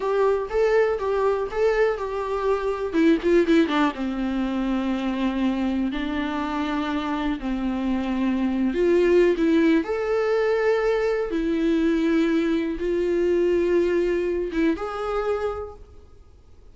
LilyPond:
\new Staff \with { instrumentName = "viola" } { \time 4/4 \tempo 4 = 122 g'4 a'4 g'4 a'4 | g'2 e'8 f'8 e'8 d'8 | c'1 | d'2. c'4~ |
c'4.~ c'16 f'4~ f'16 e'4 | a'2. e'4~ | e'2 f'2~ | f'4. e'8 gis'2 | }